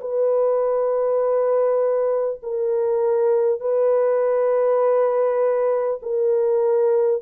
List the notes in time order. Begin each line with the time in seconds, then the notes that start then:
0.00 B4
2.42 A#4
3.60 B4
6.02 A#4